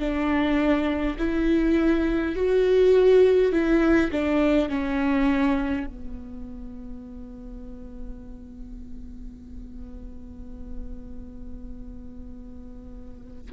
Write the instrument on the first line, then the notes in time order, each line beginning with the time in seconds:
viola
0.00 D4
1.19 E4
2.36 F#4
3.53 E4
4.12 D4
4.70 C#4
5.87 B3